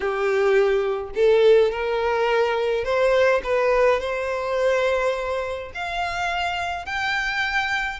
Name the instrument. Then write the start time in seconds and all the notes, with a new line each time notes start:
violin
0.00 G4
1.15 A4
1.71 A#4
2.84 C5
3.43 B4
4.00 C5
5.74 F5
6.85 G5